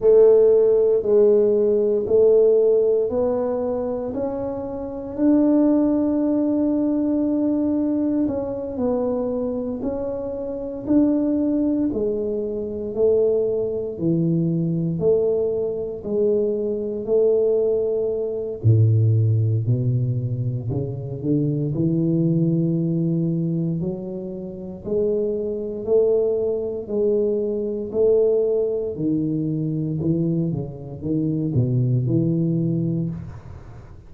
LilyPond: \new Staff \with { instrumentName = "tuba" } { \time 4/4 \tempo 4 = 58 a4 gis4 a4 b4 | cis'4 d'2. | cis'8 b4 cis'4 d'4 gis8~ | gis8 a4 e4 a4 gis8~ |
gis8 a4. a,4 b,4 | cis8 d8 e2 fis4 | gis4 a4 gis4 a4 | dis4 e8 cis8 dis8 b,8 e4 | }